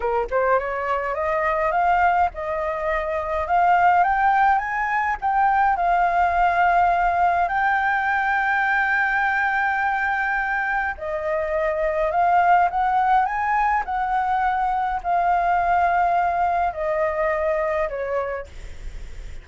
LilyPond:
\new Staff \with { instrumentName = "flute" } { \time 4/4 \tempo 4 = 104 ais'8 c''8 cis''4 dis''4 f''4 | dis''2 f''4 g''4 | gis''4 g''4 f''2~ | f''4 g''2.~ |
g''2. dis''4~ | dis''4 f''4 fis''4 gis''4 | fis''2 f''2~ | f''4 dis''2 cis''4 | }